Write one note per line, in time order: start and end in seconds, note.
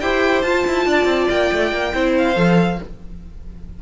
0.00 0.43 E4
0.00 0.44 G4
0.00 0.87 C5
0.00 0.42 G5
0.42 0.65 F4
0.42 1.93 F4
0.42 1.27 A5
0.67 0.86 E4
0.86 1.05 D4
0.86 1.94 D5
1.05 1.26 C4
1.30 1.51 A#3
1.30 2.15 G5
1.52 1.72 A3
1.72 1.93 A#3
1.93 2.36 C4
1.93 2.35 E4
1.93 2.80 C5
2.18 2.82 F5
2.35 2.78 F3
2.35 2.78 A4